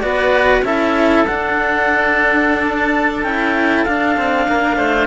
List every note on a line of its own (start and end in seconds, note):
0.00 0.62 B3
0.00 0.63 F#4
0.00 0.65 B4
0.00 0.61 D5
0.62 1.23 C#4
0.62 1.26 E4
0.62 4.48 A4
0.62 1.26 E5
1.26 3.25 D4
1.26 3.23 D4
1.26 2.63 F#5
2.63 3.23 A5
3.23 3.84 C#4
3.23 3.87 E4
3.23 3.84 G5
3.84 4.17 D4
3.84 5.06 D4
3.84 5.06 F5
4.17 4.47 C4
4.48 4.77 A#3
4.48 4.76 A#4
4.76 5.06 A3
4.76 5.06 C5